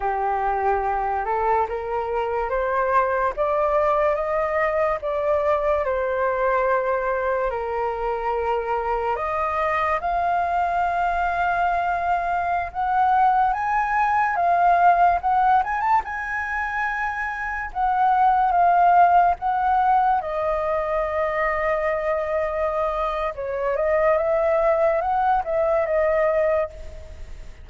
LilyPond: \new Staff \with { instrumentName = "flute" } { \time 4/4 \tempo 4 = 72 g'4. a'8 ais'4 c''4 | d''4 dis''4 d''4 c''4~ | c''4 ais'2 dis''4 | f''2.~ f''16 fis''8.~ |
fis''16 gis''4 f''4 fis''8 gis''16 a''16 gis''8.~ | gis''4~ gis''16 fis''4 f''4 fis''8.~ | fis''16 dis''2.~ dis''8. | cis''8 dis''8 e''4 fis''8 e''8 dis''4 | }